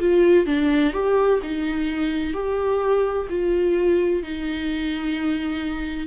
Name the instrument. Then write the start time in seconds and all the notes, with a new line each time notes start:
viola
0.00 F4
0.46 D4
0.93 G4
1.43 D#4
2.34 G4
3.30 F4
4.23 D#4